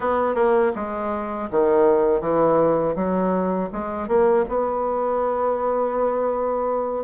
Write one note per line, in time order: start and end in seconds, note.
0.00 0.34 B3
0.34 0.71 A#3
0.75 1.49 G#3
1.50 2.20 D#3
2.20 2.94 E3
2.95 3.69 F#3
3.72 4.07 G#3
4.07 4.44 A#3
4.48 7.04 B3